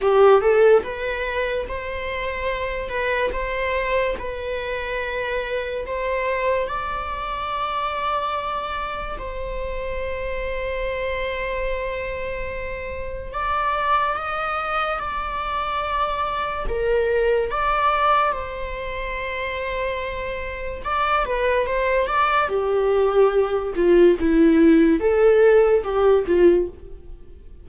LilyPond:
\new Staff \with { instrumentName = "viola" } { \time 4/4 \tempo 4 = 72 g'8 a'8 b'4 c''4. b'8 | c''4 b'2 c''4 | d''2. c''4~ | c''1 |
d''4 dis''4 d''2 | ais'4 d''4 c''2~ | c''4 d''8 b'8 c''8 d''8 g'4~ | g'8 f'8 e'4 a'4 g'8 f'8 | }